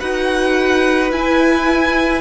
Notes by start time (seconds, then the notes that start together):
0.00 D#4 F#4 B4 F#5
1.12 E4 G#5